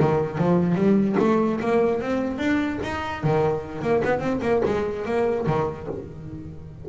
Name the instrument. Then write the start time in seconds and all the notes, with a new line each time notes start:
double bass
0.00 D#3
0.38 F3
0.76 G3
1.19 A3
1.60 A#3
2.01 C4
2.38 D4
2.83 D#4
3.24 D#3
3.82 A#3
4.04 B3
4.20 C4
4.42 A#3
4.65 G#3
5.06 A#3
5.47 D#3